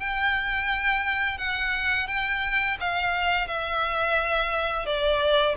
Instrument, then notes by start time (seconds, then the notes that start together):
violin
0.00 G5
1.38 F#5
2.08 G5
2.80 F5
3.48 E5
4.86 D5